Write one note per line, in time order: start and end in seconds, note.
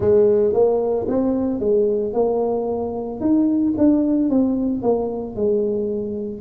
0.00 0.53 G#3
0.53 1.06 A#3
1.08 1.59 C4
1.59 2.13 G#3
2.13 3.20 A#3
3.20 3.74 D#4
3.77 4.29 D4
4.29 4.82 C4
4.82 5.35 A#3
5.35 6.40 G#3